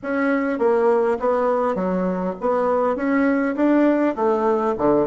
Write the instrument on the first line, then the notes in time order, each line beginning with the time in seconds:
bassoon
0.03 C#4
0.58 A#3
1.19 B3
1.75 F#3
2.41 B3
2.95 C#4
3.55 D4
4.15 A3
4.77 D3